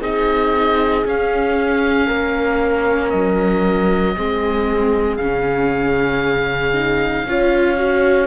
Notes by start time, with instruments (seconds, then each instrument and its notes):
0.00 cello C4, viola D#4, horn G#4, oboe D#5
1.05 cello C#4, viola C#4, oboe F5
2.07 cello A#3, horn A#4
3.10 cello F#3, oboe D#5
4.16 cello G#3, viola C4, horn G#4
5.16 cello C#3, viola C#4, oboe F5
6.74 viola D#4
7.25 cello C#4, viola F4, horn C#5
7.77 viola F#4